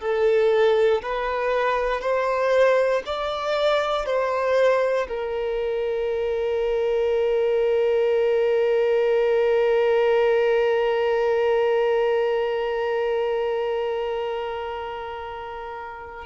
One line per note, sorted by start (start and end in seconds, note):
0.00 1.02 A4
1.02 2.01 B4
2.01 3.03 C5
3.06 4.06 D5
4.06 5.08 C5
5.08 16.26 A#4